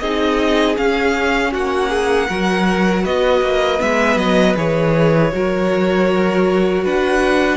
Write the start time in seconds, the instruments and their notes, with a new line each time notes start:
0.00 cello C4, viola D#4, violin G#4 D#5
0.76 viola C#4, cello C#4, violin F5
1.52 cello A#3, violin F#4 F#5
1.89 violin G#4
2.29 cello F#3, viola F#4, violin A#4
3.04 cello B3, violin B4 D#5
3.41 cello A#3
3.79 cello G#3, viola B3, violin E5
4.16 cello F#3, violin D#5
4.57 cello E3, viola G#4, violin C#5
5.32 cello F#3, viola F#4, violin A#4
6.84 cello D4, violin B4 F#5